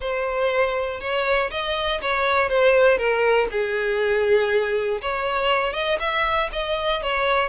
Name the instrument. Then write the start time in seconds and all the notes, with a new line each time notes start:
violin
0.00 C5
1.00 C#5
1.50 D#5
2.01 C#5
2.49 C5
2.97 A#4
3.51 G#4
5.01 C#5
5.73 D#5
5.99 E5
6.52 D#5
7.02 C#5